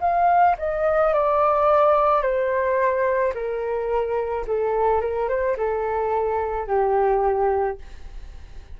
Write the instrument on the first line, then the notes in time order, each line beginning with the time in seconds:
flute
0.00 F5
0.58 D#5
1.13 D5
2.22 C5
3.34 A#4
4.47 A4
5.01 A#4
5.28 C5
5.57 A4
6.67 G4